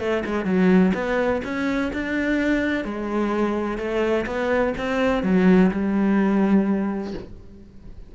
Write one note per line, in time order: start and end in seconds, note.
0.00 0.24 A3
0.26 0.46 G#3
0.46 0.93 F#3
0.95 1.42 B3
1.45 1.92 C#4
1.93 2.85 D4
2.85 3.78 G#3
3.78 4.26 A3
4.26 4.74 B3
4.78 5.23 C4
5.23 5.71 F#3
5.71 7.14 G3